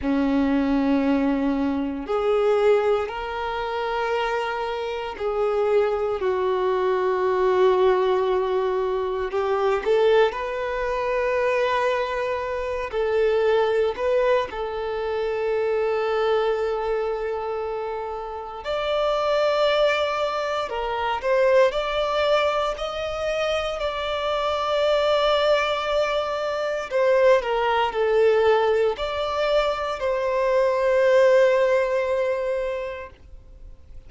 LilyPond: \new Staff \with { instrumentName = "violin" } { \time 4/4 \tempo 4 = 58 cis'2 gis'4 ais'4~ | ais'4 gis'4 fis'2~ | fis'4 g'8 a'8 b'2~ | b'8 a'4 b'8 a'2~ |
a'2 d''2 | ais'8 c''8 d''4 dis''4 d''4~ | d''2 c''8 ais'8 a'4 | d''4 c''2. | }